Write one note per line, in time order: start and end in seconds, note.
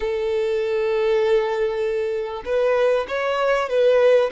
0.00 2.43 A4
2.45 3.06 B4
3.08 3.69 C#5
3.69 4.30 B4